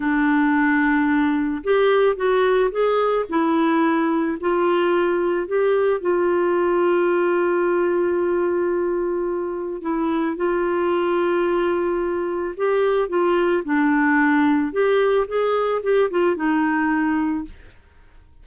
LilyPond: \new Staff \with { instrumentName = "clarinet" } { \time 4/4 \tempo 4 = 110 d'2. g'4 | fis'4 gis'4 e'2 | f'2 g'4 f'4~ | f'1~ |
f'2 e'4 f'4~ | f'2. g'4 | f'4 d'2 g'4 | gis'4 g'8 f'8 dis'2 | }